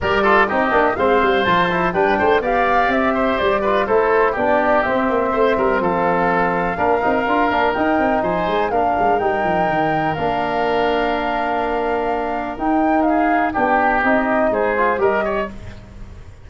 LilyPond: <<
  \new Staff \with { instrumentName = "flute" } { \time 4/4 \tempo 4 = 124 d''4 dis''4 f''4 a''4 | g''4 f''4 e''4 d''4 | c''4 d''4 e''2 | f''1 |
g''4 gis''4 f''4 g''4~ | g''4 f''2.~ | f''2 g''4 f''4 | g''4 dis''4 c''4 dis''4 | }
  \new Staff \with { instrumentName = "oboe" } { \time 4/4 ais'8 a'8 g'4 c''2 | b'8 c''8 d''4. c''4 b'8 | a'4 g'2 c''8 ais'8 | a'2 ais'2~ |
ais'4 c''4 ais'2~ | ais'1~ | ais'2. gis'4 | g'2 gis'4 ais'8 cis''8 | }
  \new Staff \with { instrumentName = "trombone" } { \time 4/4 g'8 f'8 dis'8 d'8 c'4 f'8 e'8 | d'4 g'2~ g'8 f'8 | e'4 d'4 c'2~ | c'2 d'8 dis'8 f'8 d'8 |
dis'2 d'4 dis'4~ | dis'4 d'2.~ | d'2 dis'2 | d'4 dis'4. f'8 g'4 | }
  \new Staff \with { instrumentName = "tuba" } { \time 4/4 g4 c'8 ais8 gis8 g8 f4 | g8 a8 b4 c'4 g4 | a4 b4 c'8 ais8 a8 g8 | f2 ais8 c'8 d'8 ais8 |
dis'8 c'8 f8 gis8 ais8 gis8 g8 f8 | dis4 ais2.~ | ais2 dis'2 | b4 c'4 gis4 g4 | }
>>